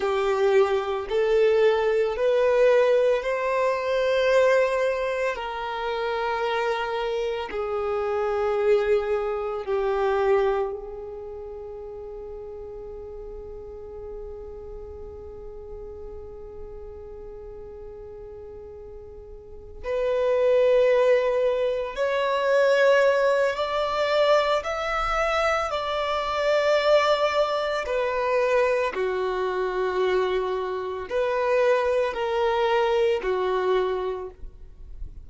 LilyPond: \new Staff \with { instrumentName = "violin" } { \time 4/4 \tempo 4 = 56 g'4 a'4 b'4 c''4~ | c''4 ais'2 gis'4~ | gis'4 g'4 gis'2~ | gis'1~ |
gis'2~ gis'8 b'4.~ | b'8 cis''4. d''4 e''4 | d''2 b'4 fis'4~ | fis'4 b'4 ais'4 fis'4 | }